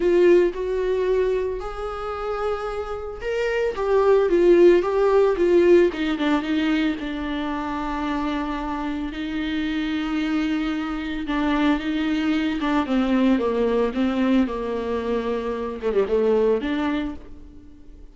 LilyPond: \new Staff \with { instrumentName = "viola" } { \time 4/4 \tempo 4 = 112 f'4 fis'2 gis'4~ | gis'2 ais'4 g'4 | f'4 g'4 f'4 dis'8 d'8 | dis'4 d'2.~ |
d'4 dis'2.~ | dis'4 d'4 dis'4. d'8 | c'4 ais4 c'4 ais4~ | ais4. a16 g16 a4 d'4 | }